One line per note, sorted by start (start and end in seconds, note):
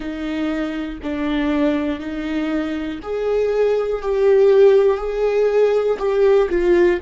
0.00 0.99 D#4
1.02 2.00 D4
2.00 3.00 D#4
3.02 4.02 G#4
4.02 4.97 G4
4.97 5.97 G#4
5.98 6.48 G4
6.50 7.00 F4